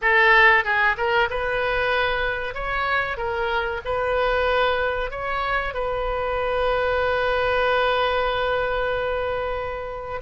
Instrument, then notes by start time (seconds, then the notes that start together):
oboe
0.01 A4
0.64 G#4
0.97 A#4
1.30 B4
2.54 C#5
3.17 A#4
3.84 B4
5.11 C#5
5.73 B4